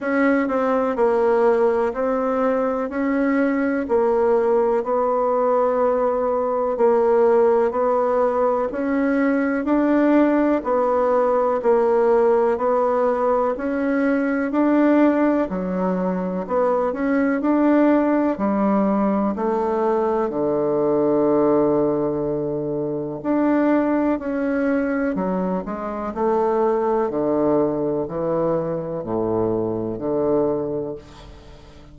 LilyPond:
\new Staff \with { instrumentName = "bassoon" } { \time 4/4 \tempo 4 = 62 cis'8 c'8 ais4 c'4 cis'4 | ais4 b2 ais4 | b4 cis'4 d'4 b4 | ais4 b4 cis'4 d'4 |
fis4 b8 cis'8 d'4 g4 | a4 d2. | d'4 cis'4 fis8 gis8 a4 | d4 e4 a,4 d4 | }